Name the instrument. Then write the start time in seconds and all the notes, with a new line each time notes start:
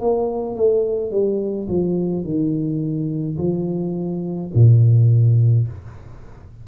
tuba
0.00 A#3
0.56 A3
1.11 G3
1.68 F3
2.24 D#3
3.38 F3
4.54 A#2